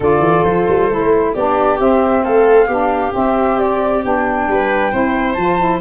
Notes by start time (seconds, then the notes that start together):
0.00 D3 F4 A4 D5
0.19 E3
0.44 F3 C5
0.68 G3
0.89 A3 E4
1.33 B3 D4 G4 D5
1.78 C4 E5
2.24 A3 A4 F5
2.67 B3 D4 G4
3.10 C4 E5
3.58 D5
4.03 B3 D4 G5
4.48 G3 B4
4.92 C4 E4 C5
5.33 F3 F4 A5
5.58 E4